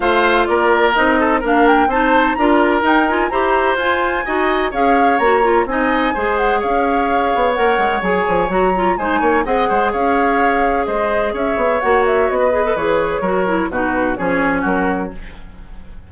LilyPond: <<
  \new Staff \with { instrumentName = "flute" } { \time 4/4 \tempo 4 = 127 f''4 d''4 dis''4 f''8 g''8 | a''4 ais''4 g''8 gis''8 ais''4 | gis''2 f''4 ais''4 | gis''4. fis''8 f''2 |
fis''4 gis''4 ais''4 gis''4 | fis''4 f''2 dis''4 | e''4 fis''8 e''8 dis''4 cis''4~ | cis''4 b'4 cis''4 ais'4 | }
  \new Staff \with { instrumentName = "oboe" } { \time 4/4 c''4 ais'4. a'8 ais'4 | c''4 ais'2 c''4~ | c''4 dis''4 cis''2 | dis''4 c''4 cis''2~ |
cis''2. c''8 cis''8 | dis''8 c''8 cis''2 c''4 | cis''2~ cis''16 b'4.~ b'16 | ais'4 fis'4 gis'4 fis'4 | }
  \new Staff \with { instrumentName = "clarinet" } { \time 4/4 f'2 dis'4 d'4 | dis'4 f'4 dis'8 f'8 g'4 | f'4 fis'4 gis'4 fis'8 f'8 | dis'4 gis'2. |
ais'4 gis'4 fis'8 f'8 dis'4 | gis'1~ | gis'4 fis'4. gis'16 a'16 gis'4 | fis'8 e'8 dis'4 cis'2 | }
  \new Staff \with { instrumentName = "bassoon" } { \time 4/4 a4 ais4 c'4 ais4 | c'4 d'4 dis'4 e'4 | f'4 dis'4 cis'4 ais4 | c'4 gis4 cis'4. b8 |
ais8 gis8 fis8 f8 fis4 gis8 ais8 | c'8 gis8 cis'2 gis4 | cis'8 b8 ais4 b4 e4 | fis4 b,4 f4 fis4 | }
>>